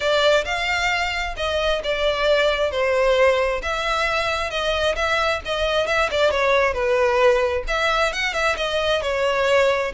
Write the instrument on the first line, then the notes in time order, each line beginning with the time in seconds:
violin
0.00 D5
0.44 F5
1.37 D#5
1.83 D5
2.71 C5
3.62 E5
4.50 D#5
4.95 E5
5.45 D#5
5.86 E5
6.10 D5
6.31 C#5
6.73 B4
7.67 E5
8.12 F#5
8.33 E5
8.57 D#5
9.02 C#5